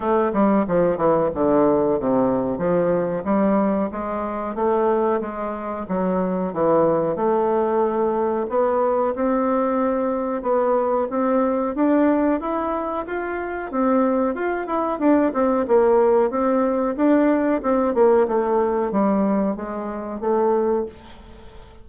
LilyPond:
\new Staff \with { instrumentName = "bassoon" } { \time 4/4 \tempo 4 = 92 a8 g8 f8 e8 d4 c4 | f4 g4 gis4 a4 | gis4 fis4 e4 a4~ | a4 b4 c'2 |
b4 c'4 d'4 e'4 | f'4 c'4 f'8 e'8 d'8 c'8 | ais4 c'4 d'4 c'8 ais8 | a4 g4 gis4 a4 | }